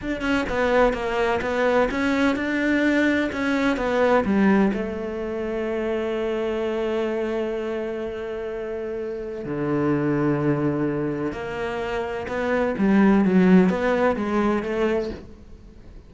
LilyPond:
\new Staff \with { instrumentName = "cello" } { \time 4/4 \tempo 4 = 127 d'8 cis'8 b4 ais4 b4 | cis'4 d'2 cis'4 | b4 g4 a2~ | a1~ |
a1 | d1 | ais2 b4 g4 | fis4 b4 gis4 a4 | }